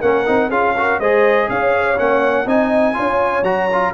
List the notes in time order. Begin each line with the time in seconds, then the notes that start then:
0.00 A#3 C#4 A#4 F#5
0.26 C4 D#4
0.48 C#4 F4 G#4 F5
0.77 F#4 A#4
0.99 G#3 G#4 C5 D#5
1.49 C#4 C#5 F5
1.96 A#3 C#4 F#5
2.45 C4 D#4 D#5 G#5
2.93 C#4 F4 C#5
3.42 F#3 F#4 A#5
3.72 F4